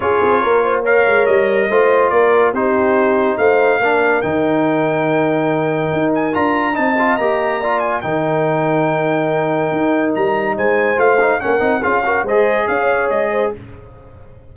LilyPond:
<<
  \new Staff \with { instrumentName = "trumpet" } { \time 4/4 \tempo 4 = 142 cis''2 f''4 dis''4~ | dis''4 d''4 c''2 | f''2 g''2~ | g''2~ g''8 gis''8 ais''4 |
a''4 ais''4. gis''8 g''4~ | g''1 | ais''4 gis''4 f''4 fis''4 | f''4 dis''4 f''4 dis''4 | }
  \new Staff \with { instrumentName = "horn" } { \time 4/4 gis'4 ais'8 c''8 cis''2 | c''4 ais'4 g'2 | c''4 ais'2.~ | ais'1 |
dis''2 d''4 ais'4~ | ais'1~ | ais'4 c''2 ais'4 | gis'8 ais'8 c''4 cis''4. c''8 | }
  \new Staff \with { instrumentName = "trombone" } { \time 4/4 f'2 ais'2 | f'2 dis'2~ | dis'4 d'4 dis'2~ | dis'2. f'4 |
dis'8 f'8 g'4 f'4 dis'4~ | dis'1~ | dis'2 f'8 dis'8 cis'8 dis'8 | f'8 fis'8 gis'2. | }
  \new Staff \with { instrumentName = "tuba" } { \time 4/4 cis'8 c'8 ais4. gis8 g4 | a4 ais4 c'2 | a4 ais4 dis2~ | dis2 dis'4 d'4 |
c'4 ais2 dis4~ | dis2. dis'4 | g4 gis4 a4 ais8 c'8 | cis'4 gis4 cis'4 gis4 | }
>>